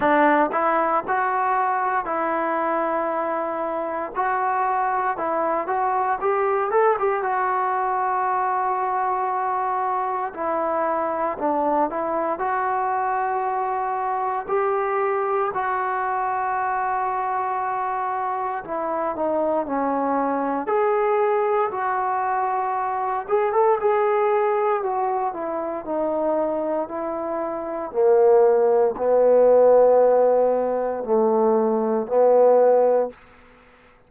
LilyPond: \new Staff \with { instrumentName = "trombone" } { \time 4/4 \tempo 4 = 58 d'8 e'8 fis'4 e'2 | fis'4 e'8 fis'8 g'8 a'16 g'16 fis'4~ | fis'2 e'4 d'8 e'8 | fis'2 g'4 fis'4~ |
fis'2 e'8 dis'8 cis'4 | gis'4 fis'4. gis'16 a'16 gis'4 | fis'8 e'8 dis'4 e'4 ais4 | b2 a4 b4 | }